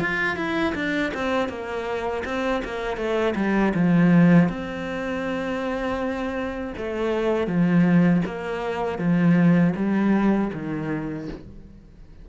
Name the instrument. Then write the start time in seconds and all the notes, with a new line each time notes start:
cello
0.00 F4
0.36 E4
0.75 D4
1.14 C4
1.49 A#3
2.25 C4
2.65 A#3
2.97 A3
3.36 G3
3.75 F3
4.49 C4
6.78 A3
7.47 F3
8.26 A#3
8.99 F3
9.76 G3
10.53 D#3